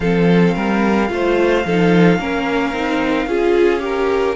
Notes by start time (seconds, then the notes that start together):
0.00 F3 C4 A4 F5
0.54 G3 A#4
1.08 A3 F4 C5
1.65 F3 D#4 A4
2.18 A#3 C#4 A#4
2.72 C4 D#4
3.26 C#4 F4 G#4
3.79 G4 A#4